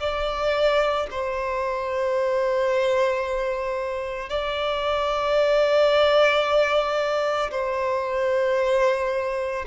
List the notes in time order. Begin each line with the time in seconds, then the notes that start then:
0.00 D5
1.11 C5
4.30 D5
7.51 C5